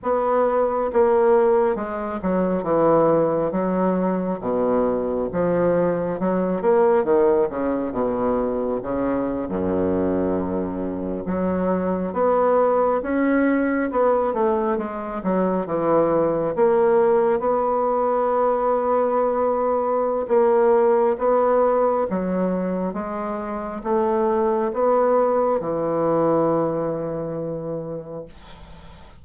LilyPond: \new Staff \with { instrumentName = "bassoon" } { \time 4/4 \tempo 4 = 68 b4 ais4 gis8 fis8 e4 | fis4 b,4 f4 fis8 ais8 | dis8 cis8 b,4 cis8. fis,4~ fis,16~ | fis,8. fis4 b4 cis'4 b16~ |
b16 a8 gis8 fis8 e4 ais4 b16~ | b2. ais4 | b4 fis4 gis4 a4 | b4 e2. | }